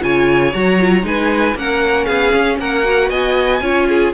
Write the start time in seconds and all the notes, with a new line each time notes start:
0.00 C#3 F4 C#5 G#5
0.53 F#3 F#4 A#5
0.79 F4
1.02 G#3 D#4 B4 G#5
1.55 A#3 C#4 A#4 F#5
2.04 B3 G#4 F5
2.34 C#4
2.59 A#3 A#4 F#5
2.84 F#4
3.10 B3 D#5 G#5
3.61 C#4 F4 C#5
3.88 G#4